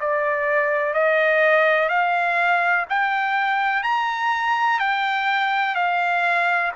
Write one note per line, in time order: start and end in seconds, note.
0.00 0.94 D5
0.94 1.89 D#5
1.89 2.86 F5
2.89 3.83 G5
3.83 4.79 A#5
4.79 5.75 G5
5.75 6.72 F5